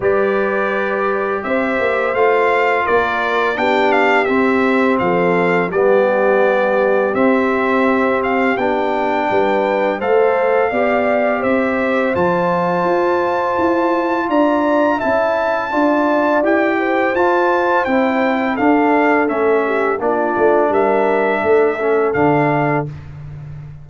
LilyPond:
<<
  \new Staff \with { instrumentName = "trumpet" } { \time 4/4 \tempo 4 = 84 d''2 e''4 f''4 | d''4 g''8 f''8 e''4 f''4 | d''2 e''4. f''8 | g''2 f''2 |
e''4 a''2. | ais''4 a''2 g''4 | a''4 g''4 f''4 e''4 | d''4 e''2 f''4 | }
  \new Staff \with { instrumentName = "horn" } { \time 4/4 b'2 c''2 | ais'4 g'2 a'4 | g'1~ | g'4 b'4 c''4 d''4 |
c''1 | d''4 e''4 d''4. c''8~ | c''2 a'4. g'8 | f'4 ais'4 a'2 | }
  \new Staff \with { instrumentName = "trombone" } { \time 4/4 g'2. f'4~ | f'4 d'4 c'2 | b2 c'2 | d'2 a'4 g'4~ |
g'4 f'2.~ | f'4 e'4 f'4 g'4 | f'4 e'4 d'4 cis'4 | d'2~ d'8 cis'8 d'4 | }
  \new Staff \with { instrumentName = "tuba" } { \time 4/4 g2 c'8 ais8 a4 | ais4 b4 c'4 f4 | g2 c'2 | b4 g4 a4 b4 |
c'4 f4 f'4 e'4 | d'4 cis'4 d'4 e'4 | f'4 c'4 d'4 a4 | ais8 a8 g4 a4 d4 | }
>>